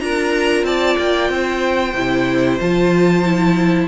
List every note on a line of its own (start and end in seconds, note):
0.00 0.64 D4
0.00 1.94 F4
0.00 0.67 A#4
0.00 0.65 A#5
0.64 0.96 C4
0.64 1.31 D5
0.64 0.98 A5
0.98 1.30 A#3
0.98 2.60 G5
1.30 1.94 C4
1.30 3.88 C5
1.95 2.60 C3
1.95 2.60 E4
2.60 3.88 F3
2.60 3.24 F4
2.60 3.88 A5
3.25 3.88 E4